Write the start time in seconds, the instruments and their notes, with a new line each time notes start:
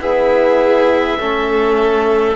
0.00 trombone B3, cello E4, violin G#4, oboe E5
1.18 cello A3, trombone C#4, violin A4